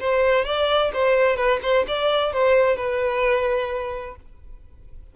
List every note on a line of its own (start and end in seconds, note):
0.00 0.45 C5
0.45 0.91 D5
0.94 1.37 C5
1.37 1.60 B4
1.63 1.86 C5
1.88 2.33 D5
2.33 2.76 C5
2.76 4.16 B4